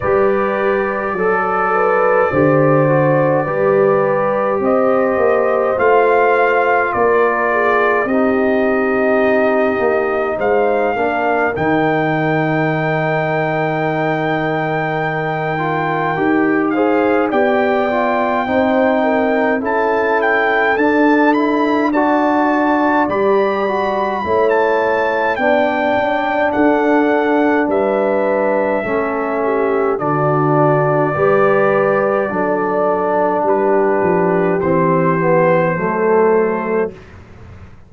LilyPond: <<
  \new Staff \with { instrumentName = "trumpet" } { \time 4/4 \tempo 4 = 52 d''1 | dis''4 f''4 d''4 dis''4~ | dis''4 f''4 g''2~ | g''2~ g''8 f''8 g''4~ |
g''4 a''8 g''8 a''8 b''8 a''4 | b''4~ b''16 a''8. g''4 fis''4 | e''2 d''2~ | d''4 b'4 c''2 | }
  \new Staff \with { instrumentName = "horn" } { \time 4/4 b'4 a'8 b'8 c''4 b'4 | c''2 ais'8 gis'8 g'4~ | g'4 c''8 ais'2~ ais'8~ | ais'2~ ais'8 c''8 d''4 |
c''8 ais'8 a'2 d''4~ | d''4 cis''4 d''4 a'4 | b'4 a'8 g'8 fis'4 b'4 | a'4 g'2 a'4 | }
  \new Staff \with { instrumentName = "trombone" } { \time 4/4 g'4 a'4 g'8 fis'8 g'4~ | g'4 f'2 dis'4~ | dis'4. d'8 dis'2~ | dis'4. f'8 g'8 gis'8 g'8 f'8 |
dis'4 e'4 d'8 e'8 fis'4 | g'8 fis'8 e'4 d'2~ | d'4 cis'4 d'4 g'4 | d'2 c'8 b8 a4 | }
  \new Staff \with { instrumentName = "tuba" } { \time 4/4 g4 fis4 d4 g4 | c'8 ais8 a4 ais4 c'4~ | c'8 ais8 gis8 ais8 dis2~ | dis2 dis'4 b4 |
c'4 cis'4 d'2 | g4 a4 b8 cis'8 d'4 | g4 a4 d4 g4 | fis4 g8 f8 e4 fis4 | }
>>